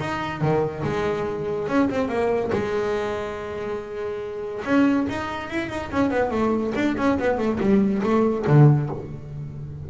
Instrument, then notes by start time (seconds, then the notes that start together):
double bass
0.00 D#4
0.41 D#3
0.84 G#3
1.68 C#4
1.90 C4
2.09 A#3
2.53 G#3
4.65 C#4
5.10 D#4
5.50 E4
5.69 D#4
5.91 C#4
6.11 B3
6.31 A3
6.75 D4
6.98 C#4
7.19 B3
7.38 A3
7.60 G3
8.03 A3
8.48 D3